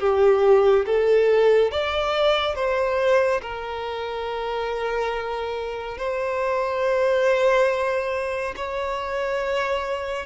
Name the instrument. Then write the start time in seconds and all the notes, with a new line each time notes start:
violin
0.00 G4
0.86 A4
1.72 D5
2.56 C5
3.42 A#4
5.98 C5
8.56 C#5